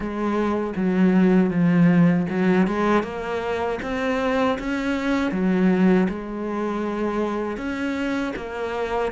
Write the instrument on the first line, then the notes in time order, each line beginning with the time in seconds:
cello
0.00 G#3
0.76 F#3
1.50 F3
2.29 F#3
2.67 G#3
3.03 A#3
3.82 C4
4.58 C#4
5.31 F#3
6.09 G#3
7.57 C#4
8.35 A#3